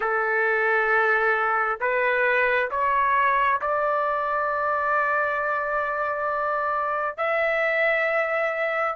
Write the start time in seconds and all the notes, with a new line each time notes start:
0.00 A4
1.80 B4
2.71 C#5
3.61 D5
7.17 E5